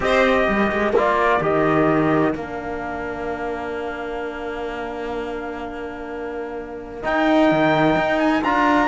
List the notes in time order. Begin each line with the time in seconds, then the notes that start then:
0.00 C4 G4 C5 D#5
0.48 G3 A#4
0.72 G#3
0.93 A#3 F4 D5
1.40 D#3 G4 D#5
2.34 A#3 D4 F5
7.02 D#4 G5
7.51 D#3
7.96 D#4
8.19 G#5
8.43 D4 F4 A#5